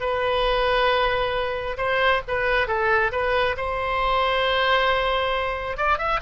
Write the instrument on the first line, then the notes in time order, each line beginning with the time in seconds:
oboe
0.00 B4
1.77 C5
2.28 B4
2.67 A4
3.11 B4
3.57 C5
5.77 D5
5.98 E5